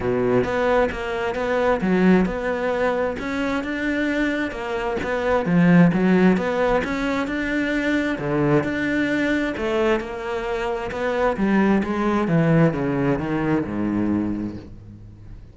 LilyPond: \new Staff \with { instrumentName = "cello" } { \time 4/4 \tempo 4 = 132 b,4 b4 ais4 b4 | fis4 b2 cis'4 | d'2 ais4 b4 | f4 fis4 b4 cis'4 |
d'2 d4 d'4~ | d'4 a4 ais2 | b4 g4 gis4 e4 | cis4 dis4 gis,2 | }